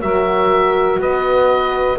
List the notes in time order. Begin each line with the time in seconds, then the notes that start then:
0.00 F#3 F#4 A#4 E5
0.99 B3 B4 D#5